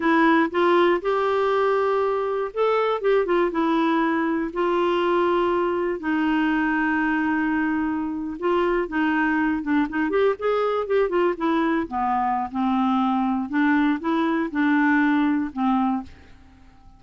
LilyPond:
\new Staff \with { instrumentName = "clarinet" } { \time 4/4 \tempo 4 = 120 e'4 f'4 g'2~ | g'4 a'4 g'8 f'8 e'4~ | e'4 f'2. | dis'1~ |
dis'8. f'4 dis'4. d'8 dis'16~ | dis'16 g'8 gis'4 g'8 f'8 e'4 b16~ | b4 c'2 d'4 | e'4 d'2 c'4 | }